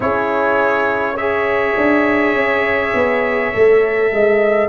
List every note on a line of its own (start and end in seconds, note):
0.00 1.74 C#4
0.00 1.18 E4
0.00 1.15 G#4
0.00 1.16 C#5
1.15 3.53 G#4
1.15 4.09 C#5
1.15 4.69 E5
1.76 2.34 D4
2.34 2.93 C#4
2.94 3.53 B3
3.53 4.12 A3
3.53 4.69 A4
4.12 4.69 G#3
4.12 4.69 D#5